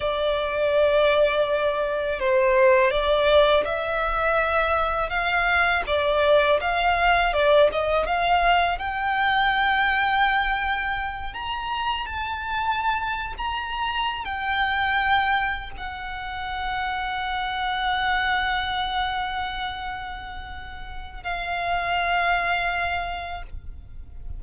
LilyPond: \new Staff \with { instrumentName = "violin" } { \time 4/4 \tempo 4 = 82 d''2. c''4 | d''4 e''2 f''4 | d''4 f''4 d''8 dis''8 f''4 | g''2.~ g''8 ais''8~ |
ais''8 a''4.~ a''16 ais''4~ ais''16 g''8~ | g''4. fis''2~ fis''8~ | fis''1~ | fis''4 f''2. | }